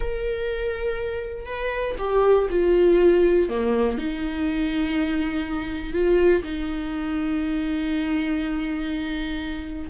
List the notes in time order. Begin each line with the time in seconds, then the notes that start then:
0.00 A#4
1.45 B4
1.98 G4
2.50 F4
3.49 A#3
3.98 D#4
5.93 F4
6.43 D#4